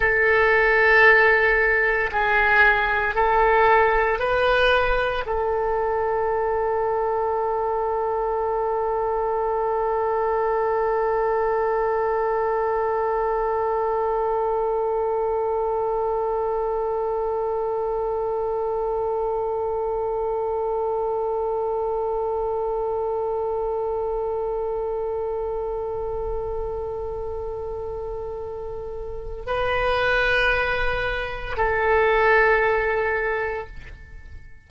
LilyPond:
\new Staff \with { instrumentName = "oboe" } { \time 4/4 \tempo 4 = 57 a'2 gis'4 a'4 | b'4 a'2.~ | a'1~ | a'1~ |
a'1~ | a'1~ | a'1 | b'2 a'2 | }